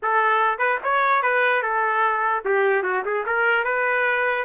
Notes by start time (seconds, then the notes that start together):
0.02 A4
0.58 B4
0.83 C#5
1.22 B4
1.62 A4
2.45 G4
2.82 F#4
3.05 G#4
3.25 A#4
3.64 B4